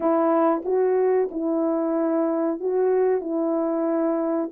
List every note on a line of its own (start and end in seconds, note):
0.00 0.62 E4
0.65 1.29 F#4
1.31 2.60 E4
2.60 3.21 F#4
3.21 4.50 E4